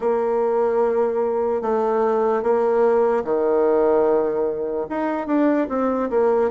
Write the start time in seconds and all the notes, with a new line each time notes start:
0.00 A#3
1.61 A3
2.42 A#3
3.24 D#3
4.89 D#4
5.27 D4
5.69 C4
6.10 A#3